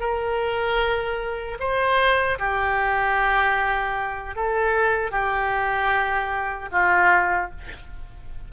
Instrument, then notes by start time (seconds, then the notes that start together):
oboe
0.00 A#4
1.60 C5
2.39 G4
4.36 A4
5.11 G4
6.72 F4